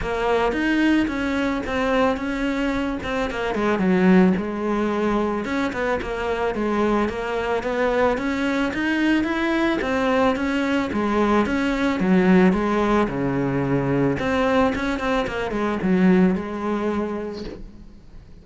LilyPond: \new Staff \with { instrumentName = "cello" } { \time 4/4 \tempo 4 = 110 ais4 dis'4 cis'4 c'4 | cis'4. c'8 ais8 gis8 fis4 | gis2 cis'8 b8 ais4 | gis4 ais4 b4 cis'4 |
dis'4 e'4 c'4 cis'4 | gis4 cis'4 fis4 gis4 | cis2 c'4 cis'8 c'8 | ais8 gis8 fis4 gis2 | }